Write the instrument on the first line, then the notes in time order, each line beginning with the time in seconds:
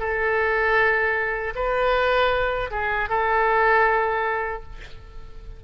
oboe
0.00 A4
1.56 B4
2.71 G#4
3.09 A4